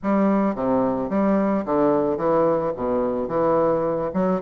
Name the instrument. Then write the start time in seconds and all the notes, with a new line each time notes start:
bassoon
0.02 G3
0.55 C3
1.09 G3
1.65 D3
2.17 E3
2.75 B2
3.28 E3
4.13 F#3